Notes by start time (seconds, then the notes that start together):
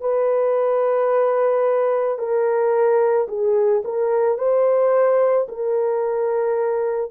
0.00 B4
2.18 A#4
3.28 G#4
3.84 A#4
4.37 C5
5.48 A#4